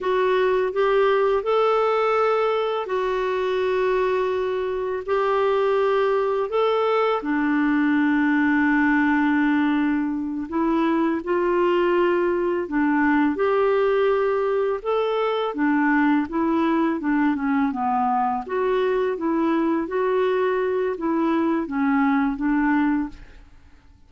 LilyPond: \new Staff \with { instrumentName = "clarinet" } { \time 4/4 \tempo 4 = 83 fis'4 g'4 a'2 | fis'2. g'4~ | g'4 a'4 d'2~ | d'2~ d'8 e'4 f'8~ |
f'4. d'4 g'4.~ | g'8 a'4 d'4 e'4 d'8 | cis'8 b4 fis'4 e'4 fis'8~ | fis'4 e'4 cis'4 d'4 | }